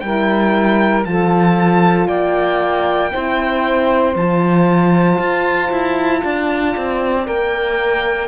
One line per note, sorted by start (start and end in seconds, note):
0.00 1.05 G3
0.00 1.04 E4
0.00 1.07 A#4
0.00 1.03 G5
1.04 2.08 F3
1.04 3.11 F4
1.04 2.07 A4
1.04 2.08 A5
2.07 3.11 A#3
2.07 3.10 D5
2.07 4.14 G5
3.12 4.15 C4
3.12 4.16 E4
3.12 6.21 C5
4.15 5.18 F3
4.15 7.25 F4
4.15 7.27 A5
5.19 5.70 F4
5.71 6.22 E4
6.21 6.75 D4
6.21 8.28 D5
6.77 7.27 C4
7.25 8.28 A#3
7.25 8.28 A#4
7.25 8.28 G5